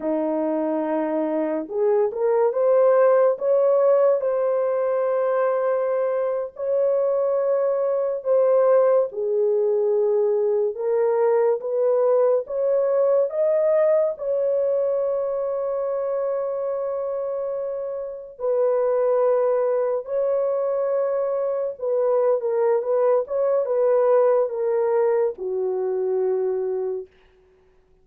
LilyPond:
\new Staff \with { instrumentName = "horn" } { \time 4/4 \tempo 4 = 71 dis'2 gis'8 ais'8 c''4 | cis''4 c''2~ c''8. cis''16~ | cis''4.~ cis''16 c''4 gis'4~ gis'16~ | gis'8. ais'4 b'4 cis''4 dis''16~ |
dis''8. cis''2.~ cis''16~ | cis''4.~ cis''16 b'2 cis''16~ | cis''4.~ cis''16 b'8. ais'8 b'8 cis''8 | b'4 ais'4 fis'2 | }